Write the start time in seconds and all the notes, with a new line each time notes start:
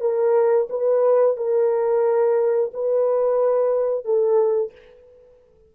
0.00 A#4
0.70 B4
1.36 A#4
2.73 B4
4.04 A4